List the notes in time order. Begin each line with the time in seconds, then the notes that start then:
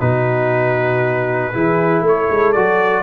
0.00 B2 D#4 F#4 B4
1.53 E3 E4 G#4
2.02 A3 A4 C#5
2.30 G#3
2.52 F#3 F#4 D5